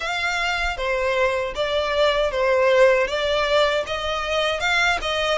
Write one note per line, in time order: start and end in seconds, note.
0.00 0.77 F5
0.77 1.54 C5
1.55 2.31 D5
2.31 3.07 C5
3.07 3.84 D5
3.86 4.60 D#5
4.60 4.98 F5
5.01 5.38 D#5